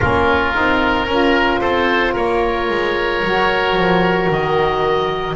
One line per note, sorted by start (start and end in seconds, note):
0.00 0.56 A#3
0.00 0.53 C#4
0.00 1.06 F4
0.00 1.60 A#4
0.53 1.06 C4
0.53 1.07 D#4
1.06 1.60 C#4
1.06 3.23 F4
1.06 1.60 A#4
1.60 2.16 C4
1.60 2.12 A4
1.60 2.13 C5
2.12 2.69 A#3
2.12 5.34 A#4
2.12 4.30 C#5
2.69 3.23 G#3
3.23 3.75 F#3
3.23 5.35 F#4
3.75 4.28 F3
4.30 5.35 D#3
4.30 5.35 D#5